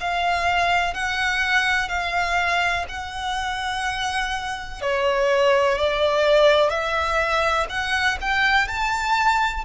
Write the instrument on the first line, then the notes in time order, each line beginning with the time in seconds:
violin
0.00 F5
0.93 F#5
1.88 F5
2.89 F#5
4.81 C#5
5.78 D5
6.70 E5
7.69 F#5
8.21 G5
8.67 A5